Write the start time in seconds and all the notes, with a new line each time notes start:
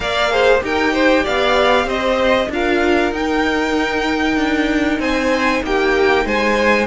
0.00 A#3 A#4 D5 F5
0.30 G#4 C5
0.60 D#4 G4 A#4 G5
0.93 C5
1.23 B3 D5 F5
1.84 C4 C5 D#5
2.49 D4 F4 A#4 F5
3.11 D#4 G5
4.36 D4
4.99 C4 C5 G#5
5.62 A#3 G4 G5
6.25 G#3 C5 G#5